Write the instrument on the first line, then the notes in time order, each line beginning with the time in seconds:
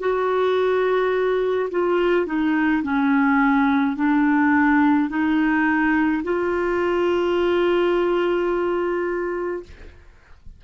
clarinet
0.00 F#4
1.71 F4
2.26 D#4
2.83 C#4
3.96 D4
5.09 D#4
6.24 F4